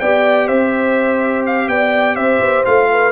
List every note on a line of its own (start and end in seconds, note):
0.00 0.48 B3
0.00 2.66 G4
0.00 0.47 D5
0.00 0.47 G5
0.47 1.68 C4
0.47 1.68 C5
0.47 1.44 E5
1.46 1.68 F5
1.68 2.16 B3
1.68 2.15 D5
1.68 2.16 G5
2.15 2.40 C4
2.15 2.88 C5
2.15 2.64 E5
2.41 2.65 B3
2.65 3.12 A3
2.65 3.12 F4
2.65 3.12 F5
2.91 3.12 B4